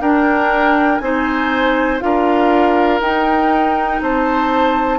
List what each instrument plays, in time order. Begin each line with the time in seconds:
0.00 bassoon D4, clarinet D4, oboe A#4, flute G5
0.98 bassoon C4, clarinet D#4, oboe C5, flute G#5
2.00 bassoon D4, clarinet F4, oboe A#4, flute F5
3.00 bassoon D#4, clarinet D#4, flute G5
4.01 bassoon C4, oboe C5, flute A5